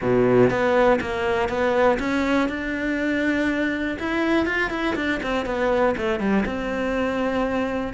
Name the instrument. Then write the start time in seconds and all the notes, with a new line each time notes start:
cello
0.01 B2
0.50 B3
1.01 A#3
1.48 B3
1.99 C#4
2.48 D4
3.99 E4
4.46 F4
4.70 E4
4.95 D4
5.22 C4
5.45 B3
5.97 A3
6.19 G3
6.45 C4